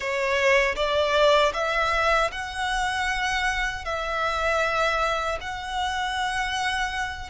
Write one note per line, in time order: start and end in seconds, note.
0.00 0.75 C#5
0.75 1.52 D5
1.53 2.30 E5
2.31 3.84 F#5
3.84 5.38 E5
5.41 7.29 F#5